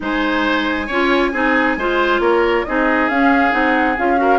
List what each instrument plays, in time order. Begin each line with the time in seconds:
0.00 bassoon G#3, clarinet D#4, oboe C5, flute G#5
0.86 bassoon C#4, clarinet F4, oboe C#5
1.32 bassoon C4, clarinet D#4, oboe G#4
1.76 bassoon G#3, clarinet F4, oboe C5
2.20 bassoon A#3, oboe A#4, flute C#5
2.65 bassoon C4, clarinet D#4, oboe G#4, flute D#5
3.08 bassoon C#4, clarinet C#4, flute F5
3.50 bassoon C4, clarinet D#4, flute F#5
3.97 bassoon C#4, clarinet F4, flute F5
4.16 clarinet F#4, oboe A#4